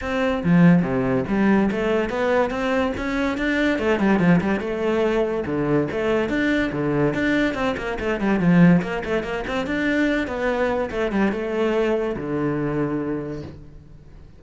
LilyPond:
\new Staff \with { instrumentName = "cello" } { \time 4/4 \tempo 4 = 143 c'4 f4 c4 g4 | a4 b4 c'4 cis'4 | d'4 a8 g8 f8 g8 a4~ | a4 d4 a4 d'4 |
d4 d'4 c'8 ais8 a8 g8 | f4 ais8 a8 ais8 c'8 d'4~ | d'8 b4. a8 g8 a4~ | a4 d2. | }